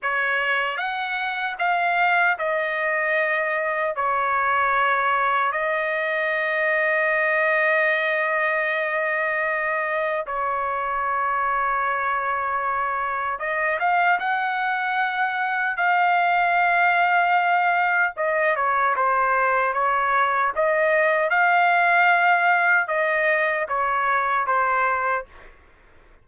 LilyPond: \new Staff \with { instrumentName = "trumpet" } { \time 4/4 \tempo 4 = 76 cis''4 fis''4 f''4 dis''4~ | dis''4 cis''2 dis''4~ | dis''1~ | dis''4 cis''2.~ |
cis''4 dis''8 f''8 fis''2 | f''2. dis''8 cis''8 | c''4 cis''4 dis''4 f''4~ | f''4 dis''4 cis''4 c''4 | }